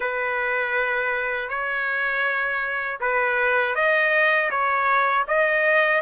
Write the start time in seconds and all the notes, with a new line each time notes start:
0.00 B4
1.49 C#5
3.00 B4
3.75 D#5
4.50 C#5
5.27 D#5